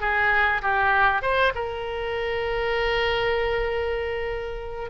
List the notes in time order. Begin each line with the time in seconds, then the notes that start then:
0.00 G#4
0.62 G4
1.22 C5
1.54 A#4